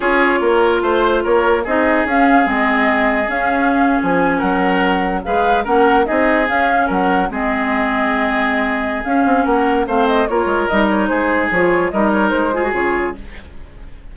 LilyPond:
<<
  \new Staff \with { instrumentName = "flute" } { \time 4/4 \tempo 4 = 146 cis''2 c''4 cis''4 | dis''4 f''4 dis''2 | f''4.~ f''16 gis''4 fis''4~ fis''16~ | fis''8. f''4 fis''4 dis''4 f''16~ |
f''8. fis''4 dis''2~ dis''16~ | dis''2 f''4 fis''4 | f''8 dis''8 cis''4 dis''8 cis''8 c''4 | cis''4 dis''8 cis''8 c''4 cis''4 | }
  \new Staff \with { instrumentName = "oboe" } { \time 4/4 gis'4 ais'4 c''4 ais'4 | gis'1~ | gis'2~ gis'8. ais'4~ ais'16~ | ais'8. b'4 ais'4 gis'4~ gis'16~ |
gis'8. ais'4 gis'2~ gis'16~ | gis'2. ais'4 | c''4 ais'2 gis'4~ | gis'4 ais'4. gis'4. | }
  \new Staff \with { instrumentName = "clarinet" } { \time 4/4 f'1 | dis'4 cis'4 c'2 | cis'1~ | cis'8. gis'4 cis'4 dis'4 cis'16~ |
cis'4.~ cis'16 c'2~ c'16~ | c'2 cis'2 | c'4 f'4 dis'2 | f'4 dis'4. f'16 fis'16 f'4 | }
  \new Staff \with { instrumentName = "bassoon" } { \time 4/4 cis'4 ais4 a4 ais4 | c'4 cis'4 gis2 | cis'4.~ cis'16 f4 fis4~ fis16~ | fis8. gis4 ais4 c'4 cis'16~ |
cis'8. fis4 gis2~ gis16~ | gis2 cis'8 c'8 ais4 | a4 ais8 gis8 g4 gis4 | f4 g4 gis4 cis4 | }
>>